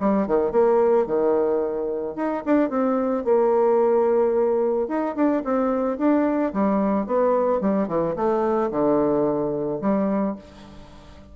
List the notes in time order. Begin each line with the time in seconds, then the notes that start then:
0.00 G3
0.27 D#3
0.52 A#3
1.06 D#3
2.16 D#4
2.46 D4
2.70 C4
3.25 A#3
4.88 D#4
5.16 D4
5.44 C4
5.98 D4
6.54 G3
7.07 B3
7.61 G3
7.88 E3
8.16 A3
8.71 D3
9.81 G3